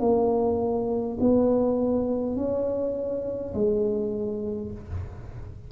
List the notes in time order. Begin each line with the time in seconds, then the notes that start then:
0.00 A#3
1.20 B3
2.36 C#4
3.54 G#3